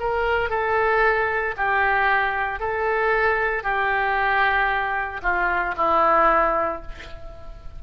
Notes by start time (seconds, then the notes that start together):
0.00 A#4
0.50 A4
1.57 G4
2.60 A4
3.64 G4
5.23 F4
5.78 E4